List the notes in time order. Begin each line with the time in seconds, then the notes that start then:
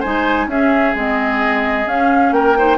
0.00 G#3 D#4 C5 G#5
0.47 C#4 G#4 E5
0.95 G#3 C4 D#5
1.86 C#4 F5
2.32 A#3 A#4 G5
2.57 D#4 C5